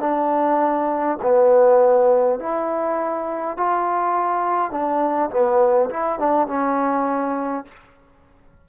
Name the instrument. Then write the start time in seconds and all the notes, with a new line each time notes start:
trombone
0.00 D4
1.23 B3
2.40 E4
3.58 F4
4.71 D4
5.31 B3
5.90 E4
6.19 D4
6.48 C#4